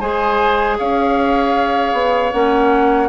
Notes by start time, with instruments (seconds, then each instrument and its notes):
0.00 bassoon G#3, clarinet G#4, oboe C5, flute G#5
0.79 bassoon C#4, oboe C#5, flute F5
1.93 bassoon B3
2.32 bassoon A#3, clarinet C#4, flute F#5